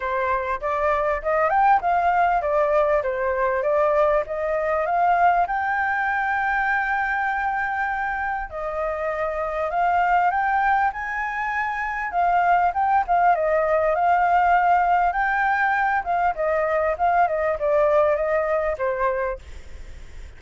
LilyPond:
\new Staff \with { instrumentName = "flute" } { \time 4/4 \tempo 4 = 99 c''4 d''4 dis''8 g''8 f''4 | d''4 c''4 d''4 dis''4 | f''4 g''2.~ | g''2 dis''2 |
f''4 g''4 gis''2 | f''4 g''8 f''8 dis''4 f''4~ | f''4 g''4. f''8 dis''4 | f''8 dis''8 d''4 dis''4 c''4 | }